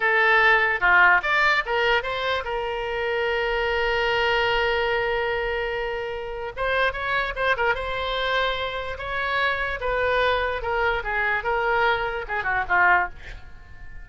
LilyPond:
\new Staff \with { instrumentName = "oboe" } { \time 4/4 \tempo 4 = 147 a'2 f'4 d''4 | ais'4 c''4 ais'2~ | ais'1~ | ais'1 |
c''4 cis''4 c''8 ais'8 c''4~ | c''2 cis''2 | b'2 ais'4 gis'4 | ais'2 gis'8 fis'8 f'4 | }